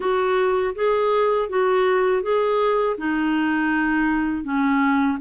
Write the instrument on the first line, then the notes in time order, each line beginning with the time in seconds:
clarinet
0.00 F#4
0.75 G#4
1.49 F#4
2.22 G#4
2.97 D#4
4.44 C#4